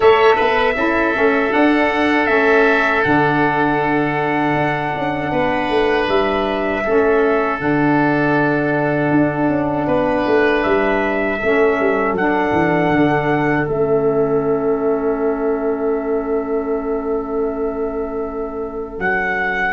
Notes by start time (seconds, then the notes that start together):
0.00 A3 A4 C#5 E5
0.35 B3 B4
0.75 C#4 E4 A4
1.14 A3 C#4
1.50 D4 F#5
2.26 A3 C#4 E5
3.03 D3 D4 F#5
4.54 D4
4.94 C#4
5.31 B3 B4
5.69 A3
6.08 G3 E5
6.84 A3 C#4 A4
7.59 D3 D4 F#5
9.10 D4
9.48 C#4
9.86 B3 B4
10.26 A3
10.62 G3 E5
11.38 A3 C#4 A4
11.80 G3
12.12 F#3 D4 F#5
12.52 E3
12.90 D3
13.67 A3 C#4 E5
18.98 F#3 F#5